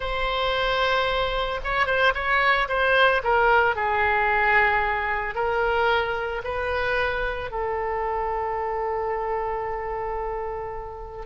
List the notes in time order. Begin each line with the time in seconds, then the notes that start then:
0.00 C5
1.64 C#5
1.86 C5
2.14 C#5
2.68 C5
3.23 A#4
3.75 G#4
5.34 A#4
6.44 B4
7.50 A4